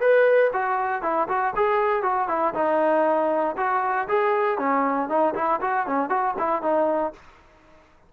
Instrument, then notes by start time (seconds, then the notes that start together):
trombone
0.00 B4
0.53 F#4
1.02 E4
1.28 F#4
1.56 G#4
2.02 F#4
2.28 E4
2.54 D#4
3.57 F#4
4.08 G#4
4.58 C#4
5.09 D#4
5.34 E4
5.61 F#4
5.86 C#4
6.09 F#4
6.38 E4
6.62 D#4